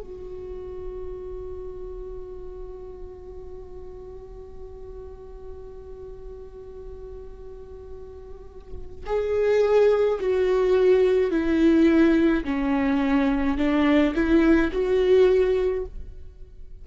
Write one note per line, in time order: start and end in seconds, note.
0.00 9.06 F#4
9.06 10.19 G#4
10.20 11.31 F#4
11.31 12.44 E4
12.44 13.57 C#4
13.57 14.14 D4
14.15 14.71 E4
14.72 15.85 F#4